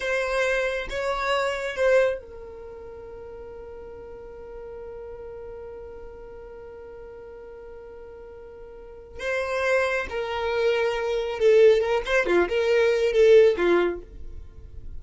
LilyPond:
\new Staff \with { instrumentName = "violin" } { \time 4/4 \tempo 4 = 137 c''2 cis''2 | c''4 ais'2.~ | ais'1~ | ais'1~ |
ais'1~ | ais'4 c''2 ais'4~ | ais'2 a'4 ais'8 c''8 | f'8 ais'4. a'4 f'4 | }